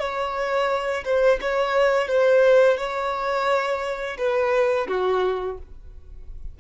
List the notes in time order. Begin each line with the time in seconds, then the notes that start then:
0.00 C#5
1.05 C5
1.42 C#5
2.08 C5
2.78 C#5
4.18 B4
4.88 F#4